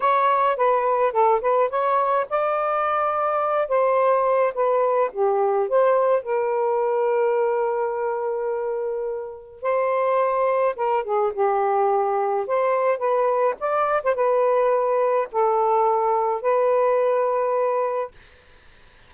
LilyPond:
\new Staff \with { instrumentName = "saxophone" } { \time 4/4 \tempo 4 = 106 cis''4 b'4 a'8 b'8 cis''4 | d''2~ d''8 c''4. | b'4 g'4 c''4 ais'4~ | ais'1~ |
ais'4 c''2 ais'8 gis'8 | g'2 c''4 b'4 | d''8. c''16 b'2 a'4~ | a'4 b'2. | }